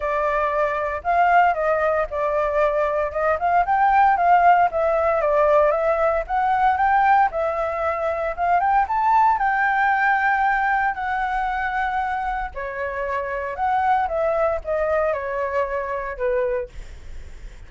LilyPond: \new Staff \with { instrumentName = "flute" } { \time 4/4 \tempo 4 = 115 d''2 f''4 dis''4 | d''2 dis''8 f''8 g''4 | f''4 e''4 d''4 e''4 | fis''4 g''4 e''2 |
f''8 g''8 a''4 g''2~ | g''4 fis''2. | cis''2 fis''4 e''4 | dis''4 cis''2 b'4 | }